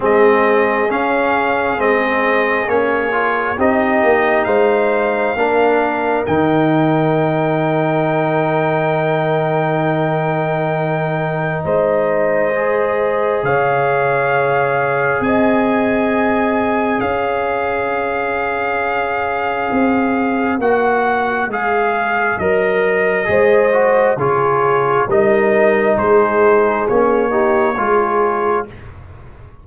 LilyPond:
<<
  \new Staff \with { instrumentName = "trumpet" } { \time 4/4 \tempo 4 = 67 dis''4 f''4 dis''4 cis''4 | dis''4 f''2 g''4~ | g''1~ | g''4 dis''2 f''4~ |
f''4 gis''2 f''4~ | f''2. fis''4 | f''4 dis''2 cis''4 | dis''4 c''4 cis''2 | }
  \new Staff \with { instrumentName = "horn" } { \time 4/4 gis'1 | g'4 c''4 ais'2~ | ais'1~ | ais'4 c''2 cis''4~ |
cis''4 dis''2 cis''4~ | cis''1~ | cis''2 c''4 gis'4 | ais'4 gis'4. g'8 gis'4 | }
  \new Staff \with { instrumentName = "trombone" } { \time 4/4 c'4 cis'4 c'4 cis'8 f'8 | dis'2 d'4 dis'4~ | dis'1~ | dis'2 gis'2~ |
gis'1~ | gis'2. fis'4 | gis'4 ais'4 gis'8 fis'8 f'4 | dis'2 cis'8 dis'8 f'4 | }
  \new Staff \with { instrumentName = "tuba" } { \time 4/4 gis4 cis'4 gis4 ais4 | c'8 ais8 gis4 ais4 dis4~ | dis1~ | dis4 gis2 cis4~ |
cis4 c'2 cis'4~ | cis'2 c'4 ais4 | gis4 fis4 gis4 cis4 | g4 gis4 ais4 gis4 | }
>>